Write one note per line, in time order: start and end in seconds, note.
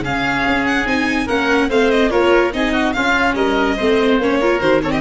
0.00 0.42 C#3
0.00 0.85 C#4
0.00 1.25 G#4
0.00 0.65 F5
0.47 0.85 C#4
0.65 0.86 F#5
0.85 1.27 C4
0.85 1.27 D#4
0.85 1.28 G#5
1.25 1.69 A#3
1.25 1.70 C#4
1.25 1.67 A#4
1.25 1.69 F#5
1.69 2.11 A3
1.69 2.10 C4
1.69 2.10 C5
1.69 1.90 F5
1.90 2.10 D#5
2.10 2.53 A#3
2.10 2.51 F4
2.10 2.52 A#4
2.10 2.52 C#5
2.53 2.95 C4
2.53 2.94 D#4
2.53 2.72 G#4
2.53 2.92 D#5
2.72 2.93 F#4
2.92 3.78 C#4
2.92 3.34 C#4
2.92 3.35 F4
2.92 3.34 F5
3.34 3.76 G3
3.34 3.76 A#4
3.34 4.18 D#5
3.76 4.18 A3
3.76 4.20 C4
3.76 4.38 C5
4.18 4.59 A#3
4.18 4.41 C#4
4.18 4.60 C#5
4.40 4.59 F4
4.40 4.82 A#4
4.59 5.01 D#3
4.59 4.80 F#4
4.59 4.81 C5
4.82 5.01 C4
4.82 4.89 A4
4.82 4.91 C#5
4.89 5.00 G4
4.89 5.01 D#5